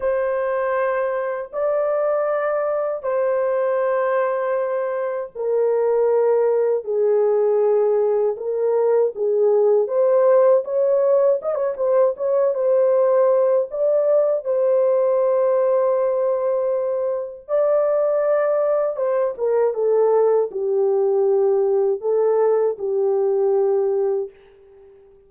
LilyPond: \new Staff \with { instrumentName = "horn" } { \time 4/4 \tempo 4 = 79 c''2 d''2 | c''2. ais'4~ | ais'4 gis'2 ais'4 | gis'4 c''4 cis''4 dis''16 cis''16 c''8 |
cis''8 c''4. d''4 c''4~ | c''2. d''4~ | d''4 c''8 ais'8 a'4 g'4~ | g'4 a'4 g'2 | }